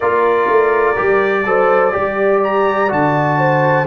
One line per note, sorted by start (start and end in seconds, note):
0.00 0.48 A#3
0.00 0.96 F4
0.00 1.42 A#4
0.00 2.42 D5
0.48 0.96 A3
0.96 1.45 G3
0.96 1.44 G4
1.45 1.94 F#3
1.45 1.92 A4
1.45 1.93 C5
1.92 2.91 G3
1.92 2.88 G4
1.92 3.38 D5
2.43 2.91 A#5
2.88 3.86 D3
2.88 3.85 F#4
2.88 3.86 A5
3.38 3.86 C5